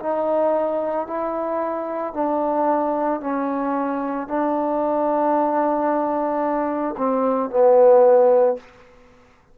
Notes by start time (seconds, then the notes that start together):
0.00 D#4
1.07 E4
2.14 D4
3.20 C#4
4.28 D4
6.97 C4
7.50 B3